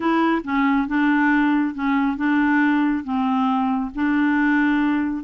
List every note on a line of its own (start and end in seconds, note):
0.00 0.42 E4
0.43 0.87 C#4
0.87 1.74 D4
1.74 2.16 C#4
2.16 3.03 D4
3.03 3.90 C4
3.94 5.24 D4